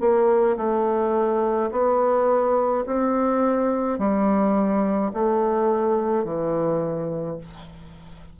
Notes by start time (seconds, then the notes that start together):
0.00 A#3
0.57 A3
1.71 B3
2.86 C4
3.98 G3
5.13 A3
6.24 E3